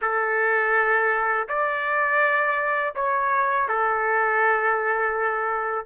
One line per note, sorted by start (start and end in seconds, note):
0.01 1.47 A4
1.48 2.95 D5
2.95 3.68 C#5
3.68 5.85 A4